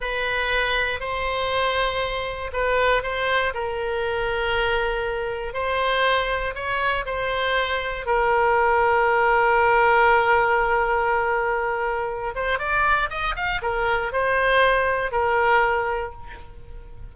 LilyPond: \new Staff \with { instrumentName = "oboe" } { \time 4/4 \tempo 4 = 119 b'2 c''2~ | c''4 b'4 c''4 ais'4~ | ais'2. c''4~ | c''4 cis''4 c''2 |
ais'1~ | ais'1~ | ais'8 c''8 d''4 dis''8 f''8 ais'4 | c''2 ais'2 | }